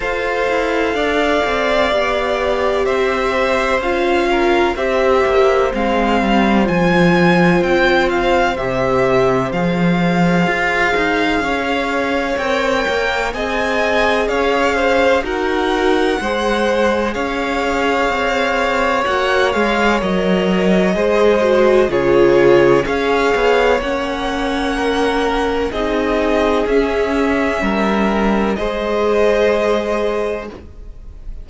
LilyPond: <<
  \new Staff \with { instrumentName = "violin" } { \time 4/4 \tempo 4 = 63 f''2. e''4 | f''4 e''4 f''4 gis''4 | g''8 f''8 e''4 f''2~ | f''4 g''4 gis''4 f''4 |
fis''2 f''2 | fis''8 f''8 dis''2 cis''4 | f''4 fis''2 dis''4 | e''2 dis''2 | }
  \new Staff \with { instrumentName = "violin" } { \time 4/4 c''4 d''2 c''4~ | c''8 ais'8 c''2.~ | c''1 | cis''2 dis''4 cis''8 c''8 |
ais'4 c''4 cis''2~ | cis''2 c''4 gis'4 | cis''2 ais'4 gis'4~ | gis'4 ais'4 c''2 | }
  \new Staff \with { instrumentName = "viola" } { \time 4/4 a'2 g'2 | f'4 g'4 c'4 f'4~ | f'4 g'4 gis'2~ | gis'4 ais'4 gis'2 |
fis'4 gis'2. | fis'8 gis'8 ais'4 gis'8 fis'8 f'4 | gis'4 cis'2 dis'4 | cis'2 gis'2 | }
  \new Staff \with { instrumentName = "cello" } { \time 4/4 f'8 e'8 d'8 c'8 b4 c'4 | cis'4 c'8 ais8 gis8 g8 f4 | c'4 c4 f4 f'8 dis'8 | cis'4 c'8 ais8 c'4 cis'4 |
dis'4 gis4 cis'4 c'4 | ais8 gis8 fis4 gis4 cis4 | cis'8 b8 ais2 c'4 | cis'4 g4 gis2 | }
>>